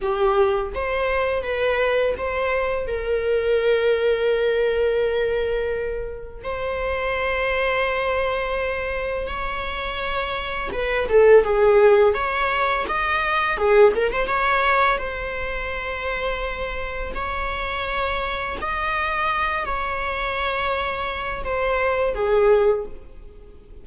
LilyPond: \new Staff \with { instrumentName = "viola" } { \time 4/4 \tempo 4 = 84 g'4 c''4 b'4 c''4 | ais'1~ | ais'4 c''2.~ | c''4 cis''2 b'8 a'8 |
gis'4 cis''4 dis''4 gis'8 ais'16 c''16 | cis''4 c''2. | cis''2 dis''4. cis''8~ | cis''2 c''4 gis'4 | }